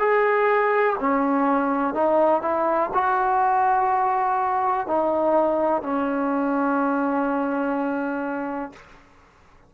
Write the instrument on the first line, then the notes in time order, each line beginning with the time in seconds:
trombone
0.00 G#4
1.00 C#4
1.94 D#4
2.42 E4
2.94 F#4
4.87 D#4
5.83 C#4